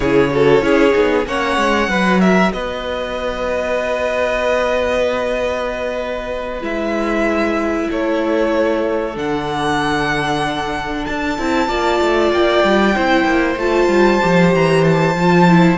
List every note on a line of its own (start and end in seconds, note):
0.00 0.62 C#3
0.00 0.30 E4
0.00 0.30 G#4
0.00 1.26 C#5
0.31 0.62 F#4
0.31 0.64 A4
0.62 0.93 C#4
0.62 0.92 E4
0.62 1.27 G#4
0.92 1.26 B3
0.92 1.23 D#4
1.26 1.57 A#3
1.26 1.89 C#4
1.26 1.89 C#5
1.26 2.20 F#5
1.57 1.88 G#3
1.88 2.51 F#3
1.88 6.61 F#4
1.88 2.21 B4
2.20 2.52 A#4
2.20 2.51 E5
2.52 6.61 B3
2.52 7.89 B4
2.52 6.62 D#5
6.61 7.87 G#3
6.61 9.13 E4
6.61 7.90 E5
7.89 9.16 A3
7.89 11.68 A4
7.89 9.17 C#5
9.14 11.06 D3
9.14 11.35 D4
9.14 11.05 F#5
11.05 11.38 D4
11.05 12.31 A5
11.38 11.68 C4
11.38 11.68 E4
11.68 11.99 A#3
11.68 12.94 F4
11.68 12.94 D5
12.00 12.31 A3
12.31 12.63 A#3
12.31 13.59 G5
12.63 12.95 G3
12.94 13.24 C4
12.94 13.58 E4
12.94 15.78 C5
13.24 13.55 A#3
13.56 13.87 A3
13.56 14.20 F4
13.56 14.53 A5
13.87 14.19 G3
14.20 14.54 F3
14.20 15.15 G4
14.54 15.14 E3
14.54 14.84 A#5
14.84 15.78 A5
15.14 15.78 F3
15.14 15.48 F4
15.48 15.78 E4